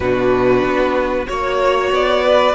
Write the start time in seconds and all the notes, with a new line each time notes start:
0.00 B2 D4 F#4 B4
0.63 B3
1.26 A#3 F#4 C#5
1.91 B3 D5
2.24 B4